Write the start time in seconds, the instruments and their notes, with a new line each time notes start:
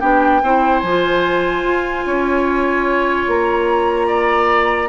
0.00 bassoon B3, clarinet D4, oboe G4, flute G5
0.43 bassoon C4, clarinet E4, oboe C5
0.80 bassoon F3, flute G#5
0.88 clarinet F4
1.64 bassoon F4
2.06 bassoon C#4, oboe C#5
3.27 bassoon A#3, flute A#5
4.07 oboe D5